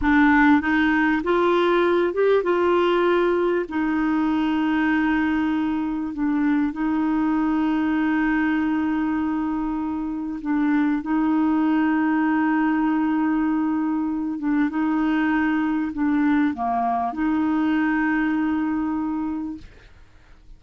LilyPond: \new Staff \with { instrumentName = "clarinet" } { \time 4/4 \tempo 4 = 98 d'4 dis'4 f'4. g'8 | f'2 dis'2~ | dis'2 d'4 dis'4~ | dis'1~ |
dis'4 d'4 dis'2~ | dis'2.~ dis'8 d'8 | dis'2 d'4 ais4 | dis'1 | }